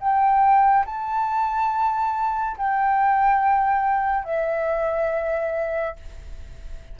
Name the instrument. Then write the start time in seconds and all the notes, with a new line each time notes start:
flute
0.00 G5
0.86 A5
2.58 G5
4.25 E5